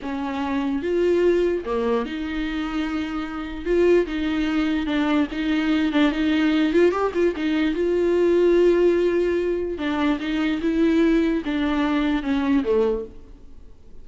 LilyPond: \new Staff \with { instrumentName = "viola" } { \time 4/4 \tempo 4 = 147 cis'2 f'2 | ais4 dis'2.~ | dis'4 f'4 dis'2 | d'4 dis'4. d'8 dis'4~ |
dis'8 f'8 g'8 f'8 dis'4 f'4~ | f'1 | d'4 dis'4 e'2 | d'2 cis'4 a4 | }